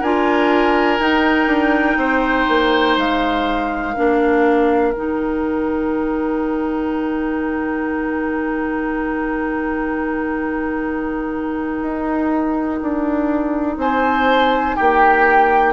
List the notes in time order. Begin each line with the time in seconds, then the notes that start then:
0.00 D4 F4 A#4 G#5
0.99 D#4 G5
1.47 D4
1.97 C4 C5
2.48 A#3
2.97 G#3 F5
3.94 A#3 D4 A#4
4.92 D#3 D#4 G5
11.82 D#4
12.82 D4
13.76 C4 C5 G#5
14.75 A#3 G4 G5